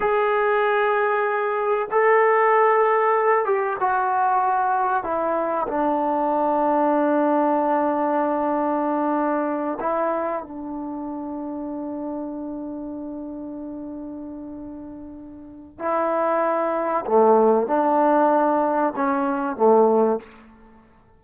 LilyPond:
\new Staff \with { instrumentName = "trombone" } { \time 4/4 \tempo 4 = 95 gis'2. a'4~ | a'4. g'8 fis'2 | e'4 d'2.~ | d'2.~ d'8 e'8~ |
e'8 d'2.~ d'8~ | d'1~ | d'4 e'2 a4 | d'2 cis'4 a4 | }